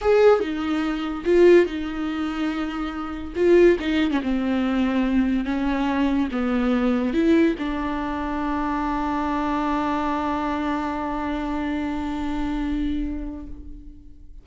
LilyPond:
\new Staff \with { instrumentName = "viola" } { \time 4/4 \tempo 4 = 143 gis'4 dis'2 f'4 | dis'1 | f'4 dis'8. cis'16 c'2~ | c'4 cis'2 b4~ |
b4 e'4 d'2~ | d'1~ | d'1~ | d'1 | }